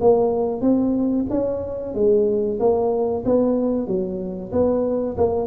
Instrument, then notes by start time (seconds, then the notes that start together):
tuba
0.00 A#3
0.61 C4
1.29 C#4
1.94 G#3
2.59 A#3
3.25 B3
3.87 F#3
4.51 B3
5.17 A#3